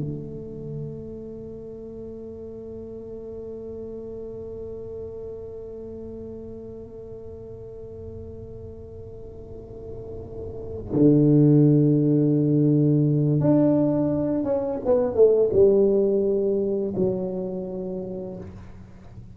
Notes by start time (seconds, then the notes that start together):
0.00 A3
10.93 D3
13.41 D4
14.44 C#4
14.85 B3
15.14 A3
15.53 G3
16.96 F#3